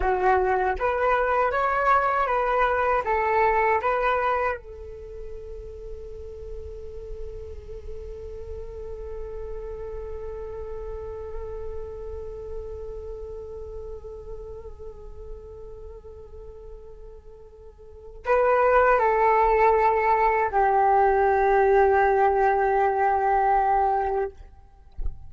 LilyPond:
\new Staff \with { instrumentName = "flute" } { \time 4/4 \tempo 4 = 79 fis'4 b'4 cis''4 b'4 | a'4 b'4 a'2~ | a'1~ | a'1~ |
a'1~ | a'1 | b'4 a'2 g'4~ | g'1 | }